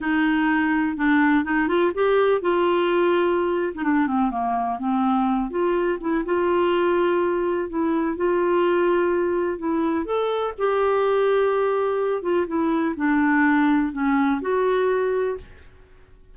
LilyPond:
\new Staff \with { instrumentName = "clarinet" } { \time 4/4 \tempo 4 = 125 dis'2 d'4 dis'8 f'8 | g'4 f'2~ f'8. dis'16 | d'8 c'8 ais4 c'4. f'8~ | f'8 e'8 f'2. |
e'4 f'2. | e'4 a'4 g'2~ | g'4. f'8 e'4 d'4~ | d'4 cis'4 fis'2 | }